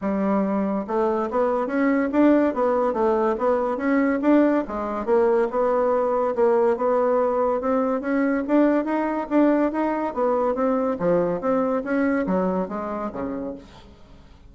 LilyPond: \new Staff \with { instrumentName = "bassoon" } { \time 4/4 \tempo 4 = 142 g2 a4 b4 | cis'4 d'4 b4 a4 | b4 cis'4 d'4 gis4 | ais4 b2 ais4 |
b2 c'4 cis'4 | d'4 dis'4 d'4 dis'4 | b4 c'4 f4 c'4 | cis'4 fis4 gis4 cis4 | }